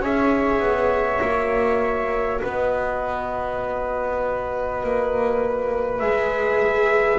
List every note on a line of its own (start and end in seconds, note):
0.00 0.59 C#4
0.00 1.22 G#4
0.00 2.41 C#5
0.00 2.41 E5
0.59 1.20 B3
1.21 2.41 A#3
1.21 6.00 F#4
2.41 4.83 B3
2.41 7.19 B4
2.41 5.99 D#5
4.83 6.02 A#3
5.99 7.19 G#3
5.99 7.19 G#4
5.99 7.19 E5